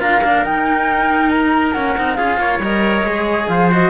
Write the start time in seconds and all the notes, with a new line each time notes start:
0.00 D4 F4 A#4 F5
0.21 A#3 D4
0.42 D#4 G5
1.30 A#5
1.73 A#3 C#4 F#5
1.97 C4 D#4
2.15 C#4 F4 G#4 F5
2.37 A#3 C#5
2.59 G3 A#4 D#5
3.04 G#3 G#4
3.48 F3 C5 F5
3.71 F#4 D#5